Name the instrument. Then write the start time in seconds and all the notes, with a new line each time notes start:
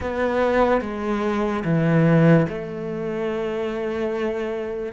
cello
0.00 B3
0.81 G#3
1.64 E3
2.48 A3